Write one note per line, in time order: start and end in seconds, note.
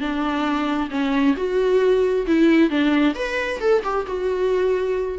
0.00 0.90 D4
0.90 1.35 C#4
1.36 2.26 F#4
2.27 2.69 E4
2.69 3.14 D4
3.14 3.59 B4
3.60 3.82 A4
3.83 4.06 G4
4.07 5.19 F#4